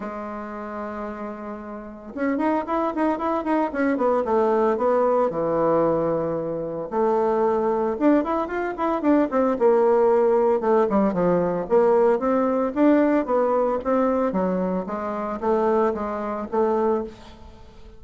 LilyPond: \new Staff \with { instrumentName = "bassoon" } { \time 4/4 \tempo 4 = 113 gis1 | cis'8 dis'8 e'8 dis'8 e'8 dis'8 cis'8 b8 | a4 b4 e2~ | e4 a2 d'8 e'8 |
f'8 e'8 d'8 c'8 ais2 | a8 g8 f4 ais4 c'4 | d'4 b4 c'4 fis4 | gis4 a4 gis4 a4 | }